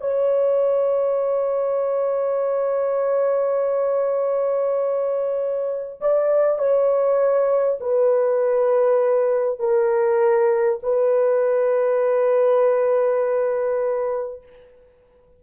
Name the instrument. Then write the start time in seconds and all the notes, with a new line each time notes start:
horn
0.00 C#5
6.01 D5
6.58 C#5
7.80 B4
9.59 A#4
10.83 B4